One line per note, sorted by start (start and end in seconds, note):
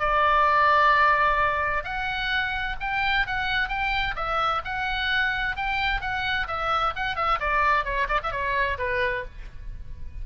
0.00 1.84 D5
1.84 2.77 F#5
2.81 3.27 G5
3.27 3.69 F#5
3.69 4.15 G5
4.16 4.62 E5
4.65 5.57 F#5
5.57 6.01 G5
6.01 6.47 F#5
6.48 6.94 E5
6.96 7.16 F#5
7.16 7.39 E5
7.40 7.85 D5
7.85 8.08 C#5
8.09 8.21 D5
8.23 8.32 E5
8.32 8.78 C#5
8.79 9.25 B4